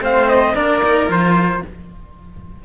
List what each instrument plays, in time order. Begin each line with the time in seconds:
0.00 cello A3 C4, violin C5, trumpet F5
0.29 trumpet D#5
0.54 cello A#3 D4, violin A#4, trumpet D5
0.84 cello D#4
1.07 cello F3 F4, trumpet C5